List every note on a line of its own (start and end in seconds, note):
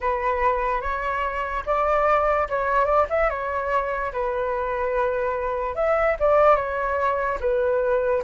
0.00 0.81 B4
0.81 1.63 C#5
1.66 2.48 D5
2.49 2.85 C#5
2.85 3.06 D5
3.09 3.29 E5
3.29 4.11 C#5
4.12 5.75 B4
5.75 6.16 E5
6.19 6.56 D5
6.56 7.38 C#5
7.40 8.22 B4